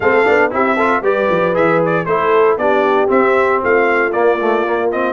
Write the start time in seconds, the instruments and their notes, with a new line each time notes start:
0.00 tuba A3, trombone C4, horn A4, trumpet F5
0.25 tuba B3, trombone D4
0.50 tuba C4, trombone E4, horn G4, trumpet E5
0.75 trombone F4, horn A4
1.01 tuba G3, trombone G4, horn B4, trumpet D5
1.30 tuba F3
1.54 tuba E3, trombone G#4, trumpet E5
1.85 trumpet D5
2.05 tuba A3, trombone E4, horn A4, trumpet C5
2.57 tuba B3, trombone D4, horn G4, trumpet D5
3.07 trombone C4, tuba C4, trumpet E5
3.62 tuba A3, horn F4, trumpet F5
4.12 trombone A#3, tuba A#3, trumpet D5
4.41 trombone A3
4.66 trombone A#3
4.91 trombone C4, trumpet D#5